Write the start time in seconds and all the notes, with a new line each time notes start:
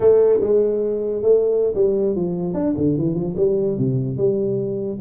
0.00 A3
0.40 G#3
1.22 A3
1.75 G3
2.15 F3
2.54 D4
2.77 D3
2.97 E3
3.14 F3
3.36 G3
3.77 C3
4.17 G3